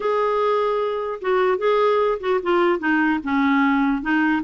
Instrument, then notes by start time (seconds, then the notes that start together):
clarinet
0.00 G#4
1.21 F#4
1.58 G#4
2.20 F#4
2.42 F4
2.79 D#4
3.23 C#4
4.02 D#4